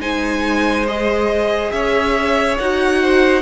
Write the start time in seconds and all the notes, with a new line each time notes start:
0.00 G#3 D#4 C5 G#5
0.87 G#4 D#5
1.72 C#4 C#5 E5
2.58 D#4 F#4 F#5
3.03 C5